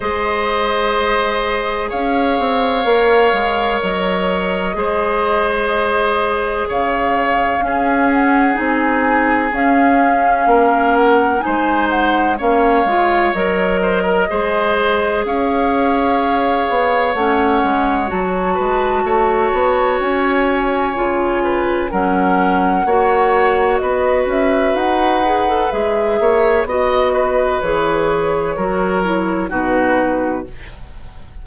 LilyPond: <<
  \new Staff \with { instrumentName = "flute" } { \time 4/4 \tempo 4 = 63 dis''2 f''2 | dis''2. f''4~ | f''8 fis''8 gis''4 f''4. fis''8 | gis''8 fis''8 f''4 dis''2 |
f''2 fis''4 a''4~ | a''4 gis''2 fis''4~ | fis''4 dis''8 e''8 fis''4 e''4 | dis''4 cis''2 b'4 | }
  \new Staff \with { instrumentName = "oboe" } { \time 4/4 c''2 cis''2~ | cis''4 c''2 cis''4 | gis'2. ais'4 | c''4 cis''4. c''16 ais'16 c''4 |
cis''2.~ cis''8 b'8 | cis''2~ cis''8 b'8 ais'4 | cis''4 b'2~ b'8 cis''8 | dis''8 b'4. ais'4 fis'4 | }
  \new Staff \with { instrumentName = "clarinet" } { \time 4/4 gis'2. ais'4~ | ais'4 gis'2. | cis'4 dis'4 cis'2 | dis'4 cis'8 f'8 ais'4 gis'4~ |
gis'2 cis'4 fis'4~ | fis'2 f'4 cis'4 | fis'2~ fis'8 gis'16 a'16 gis'4 | fis'4 gis'4 fis'8 e'8 dis'4 | }
  \new Staff \with { instrumentName = "bassoon" } { \time 4/4 gis2 cis'8 c'8 ais8 gis8 | fis4 gis2 cis4 | cis'4 c'4 cis'4 ais4 | gis4 ais8 gis8 fis4 gis4 |
cis'4. b8 a8 gis8 fis8 gis8 | a8 b8 cis'4 cis4 fis4 | ais4 b8 cis'8 dis'4 gis8 ais8 | b4 e4 fis4 b,4 | }
>>